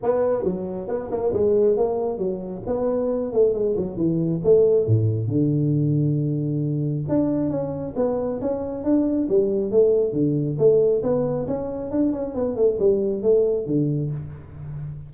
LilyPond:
\new Staff \with { instrumentName = "tuba" } { \time 4/4 \tempo 4 = 136 b4 fis4 b8 ais8 gis4 | ais4 fis4 b4. a8 | gis8 fis8 e4 a4 a,4 | d1 |
d'4 cis'4 b4 cis'4 | d'4 g4 a4 d4 | a4 b4 cis'4 d'8 cis'8 | b8 a8 g4 a4 d4 | }